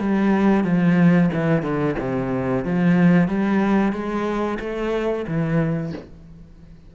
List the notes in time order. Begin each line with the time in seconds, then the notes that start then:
0.00 G3
0.65 F3
1.34 E3
1.63 D3
2.00 C3
2.65 F3
3.29 G3
3.93 G#3
4.60 A3
5.27 E3